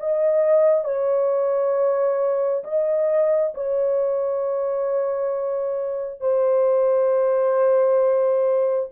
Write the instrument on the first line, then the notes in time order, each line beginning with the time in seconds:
horn
0.00 D#5
0.85 C#5
2.64 D#5
3.55 C#5
6.21 C5